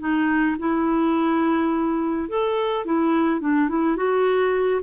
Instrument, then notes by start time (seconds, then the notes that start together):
clarinet
0.00 D#4
0.59 E4
2.30 A4
2.86 E4
3.41 D4
3.69 E4
3.97 F#4